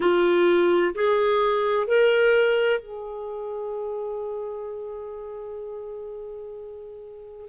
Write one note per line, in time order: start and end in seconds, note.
0.00 0.94 F4
0.95 1.87 G#4
1.87 2.80 A#4
2.80 7.48 G#4